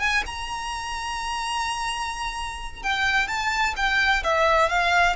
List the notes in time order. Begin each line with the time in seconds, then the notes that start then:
0.00 G#5
0.26 A#5
2.83 G5
3.28 A5
3.77 G5
4.24 E5
4.69 F5